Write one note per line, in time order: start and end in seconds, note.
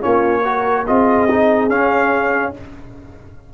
0.00 0.88 A#3
0.00 0.42 C#4
0.00 0.42 F4
0.00 0.86 C#5
0.42 0.86 F#4
0.42 0.84 A#4
0.86 1.69 C4
0.86 1.29 F4
0.86 2.52 G#4
0.86 1.70 D#5
1.31 1.70 D#4
1.69 2.52 C#4
1.69 2.53 C#4
1.69 2.53 F5